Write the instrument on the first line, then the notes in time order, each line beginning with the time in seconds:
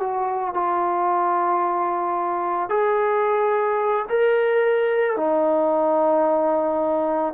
trombone
0.00 F#4
0.55 F4
2.70 G#4
4.10 A#4
5.17 D#4